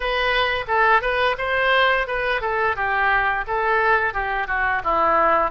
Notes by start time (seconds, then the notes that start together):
0.00 B4
0.67 A4
1.01 B4
1.38 C5
2.07 B4
2.41 A4
2.76 G4
3.47 A4
4.13 G4
4.47 F#4
4.84 E4